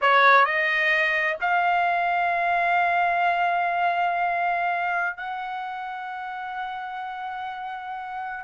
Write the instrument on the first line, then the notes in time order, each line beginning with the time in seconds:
trumpet
0.01 C#5
0.45 D#5
1.41 F5
5.16 F#5